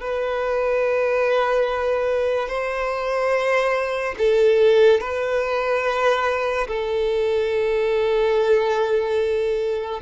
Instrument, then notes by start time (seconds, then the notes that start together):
violin
0.00 B4
2.48 C5
4.18 A4
5.00 B4
6.67 A4